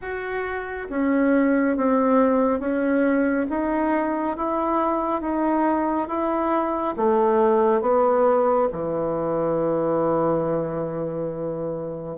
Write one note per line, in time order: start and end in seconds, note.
0.01 0.88 F#4
0.89 1.76 C#4
1.76 2.59 C4
2.59 3.46 C#4
3.49 4.36 D#4
4.37 5.21 E4
5.21 6.08 D#4
6.08 6.94 E4
6.96 7.81 A3
7.81 8.68 B3
8.72 12.17 E3